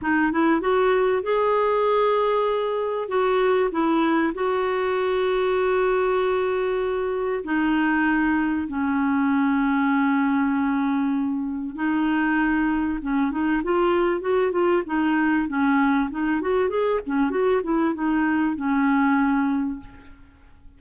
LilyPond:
\new Staff \with { instrumentName = "clarinet" } { \time 4/4 \tempo 4 = 97 dis'8 e'8 fis'4 gis'2~ | gis'4 fis'4 e'4 fis'4~ | fis'1 | dis'2 cis'2~ |
cis'2. dis'4~ | dis'4 cis'8 dis'8 f'4 fis'8 f'8 | dis'4 cis'4 dis'8 fis'8 gis'8 cis'8 | fis'8 e'8 dis'4 cis'2 | }